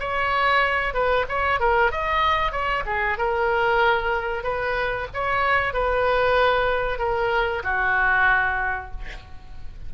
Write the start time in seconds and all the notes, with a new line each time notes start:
0.00 C#5
0.94 B4
1.29 C#5
1.60 A#4
1.91 D#5
2.52 C#5
2.86 G#4
3.18 A#4
4.43 B4
5.14 C#5
5.73 B4
6.99 A#4
7.63 F#4